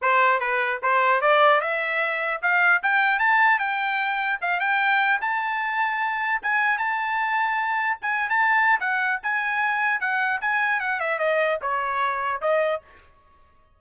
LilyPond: \new Staff \with { instrumentName = "trumpet" } { \time 4/4 \tempo 4 = 150 c''4 b'4 c''4 d''4 | e''2 f''4 g''4 | a''4 g''2 f''8 g''8~ | g''4 a''2. |
gis''4 a''2. | gis''8. a''4~ a''16 fis''4 gis''4~ | gis''4 fis''4 gis''4 fis''8 e''8 | dis''4 cis''2 dis''4 | }